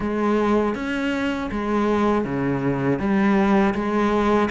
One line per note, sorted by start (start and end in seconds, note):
0.00 0.74 G#3
0.75 1.50 C#4
1.51 2.24 G#3
2.24 2.99 C#3
2.99 3.74 G3
3.74 4.49 G#3